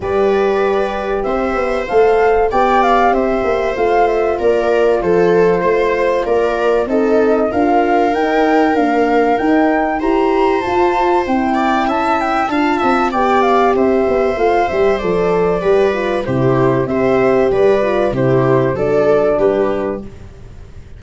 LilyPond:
<<
  \new Staff \with { instrumentName = "flute" } { \time 4/4 \tempo 4 = 96 d''2 e''4 f''4 | g''8 f''8 e''4 f''8 e''8 d''4 | c''2 d''4 dis''4 | f''4 g''4 f''4 g''4 |
ais''4 a''4 g''4 a''8 g''8 | a''4 g''8 f''8 e''4 f''8 e''8 | d''2 c''4 e''4 | d''4 c''4 d''4 b'4 | }
  \new Staff \with { instrumentName = "viola" } { \time 4/4 b'2 c''2 | d''4 c''2 ais'4 | a'4 c''4 ais'4 a'4 | ais'1 |
c''2~ c''8 d''8 e''4 | f''8 e''8 d''4 c''2~ | c''4 b'4 g'4 c''4 | b'4 g'4 a'4 g'4 | }
  \new Staff \with { instrumentName = "horn" } { \time 4/4 g'2. a'4 | g'2 f'2~ | f'2. dis'4 | f'4 dis'4 ais4 dis'4 |
g'4 f'4 e'2 | f'4 g'2 f'8 g'8 | a'4 g'8 f'8 e'4 g'4~ | g'8 f'8 e'4 d'2 | }
  \new Staff \with { instrumentName = "tuba" } { \time 4/4 g2 c'8 b8 a4 | b4 c'8 ais8 a4 ais4 | f4 a4 ais4 c'4 | d'4 dis'4 d'4 dis'4 |
e'4 f'4 c'4 cis'4 | d'8 c'8 b4 c'8 b8 a8 g8 | f4 g4 c4 c'4 | g4 c4 fis4 g4 | }
>>